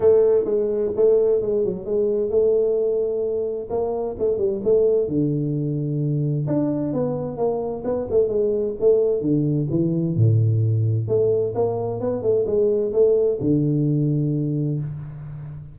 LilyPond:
\new Staff \with { instrumentName = "tuba" } { \time 4/4 \tempo 4 = 130 a4 gis4 a4 gis8 fis8 | gis4 a2. | ais4 a8 g8 a4 d4~ | d2 d'4 b4 |
ais4 b8 a8 gis4 a4 | d4 e4 a,2 | a4 ais4 b8 a8 gis4 | a4 d2. | }